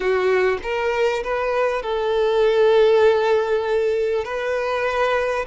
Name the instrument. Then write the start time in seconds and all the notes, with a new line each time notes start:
violin
0.00 F#4
0.62 A#4
1.23 B4
1.82 A4
4.24 B4